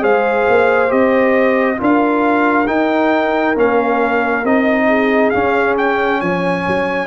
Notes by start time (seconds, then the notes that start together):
0.00 G#3 G#4 C5 F5
0.49 A#3
0.88 C4 G4 D#5
1.76 D4 F4 A#4
1.83 F5
2.67 D#4 G5
3.56 A#3 C#4 F5
4.44 C4 D#4 D#5
4.87 G#4
5.30 C#4 F5
5.78 G5
6.21 F3 C#5 G#5
6.67 F#3